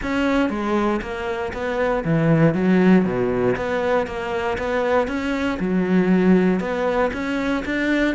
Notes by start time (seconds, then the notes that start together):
0.02 C#4
0.49 G#3
1.01 A#3
1.53 B3
2.04 E3
2.54 F#3
3.04 B2
3.56 B3
4.07 A#3
4.57 B3
5.07 C#4
5.59 F#3
6.59 B3
7.13 C#4
7.65 D4